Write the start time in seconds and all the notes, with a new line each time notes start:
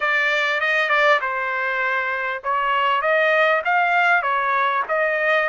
0.00 D5
0.60 D#5
0.89 D5
1.21 C5
2.43 C#5
3.01 D#5
3.64 F5
4.22 C#5
4.88 D#5